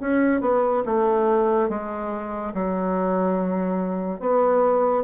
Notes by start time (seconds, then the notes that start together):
0.00 C#4
0.41 B3
0.85 A3
1.69 G#3
2.54 F#3
4.19 B3